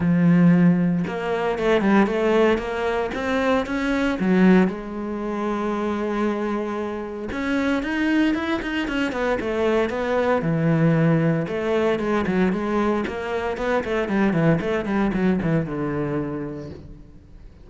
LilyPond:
\new Staff \with { instrumentName = "cello" } { \time 4/4 \tempo 4 = 115 f2 ais4 a8 g8 | a4 ais4 c'4 cis'4 | fis4 gis2.~ | gis2 cis'4 dis'4 |
e'8 dis'8 cis'8 b8 a4 b4 | e2 a4 gis8 fis8 | gis4 ais4 b8 a8 g8 e8 | a8 g8 fis8 e8 d2 | }